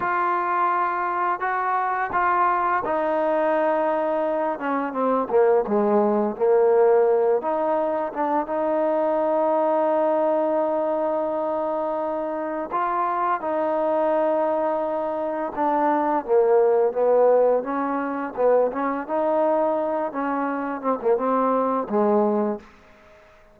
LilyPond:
\new Staff \with { instrumentName = "trombone" } { \time 4/4 \tempo 4 = 85 f'2 fis'4 f'4 | dis'2~ dis'8 cis'8 c'8 ais8 | gis4 ais4. dis'4 d'8 | dis'1~ |
dis'2 f'4 dis'4~ | dis'2 d'4 ais4 | b4 cis'4 b8 cis'8 dis'4~ | dis'8 cis'4 c'16 ais16 c'4 gis4 | }